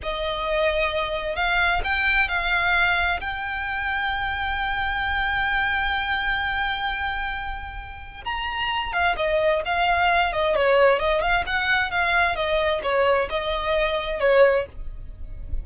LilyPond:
\new Staff \with { instrumentName = "violin" } { \time 4/4 \tempo 4 = 131 dis''2. f''4 | g''4 f''2 g''4~ | g''1~ | g''1~ |
g''2 ais''4. f''8 | dis''4 f''4. dis''8 cis''4 | dis''8 f''8 fis''4 f''4 dis''4 | cis''4 dis''2 cis''4 | }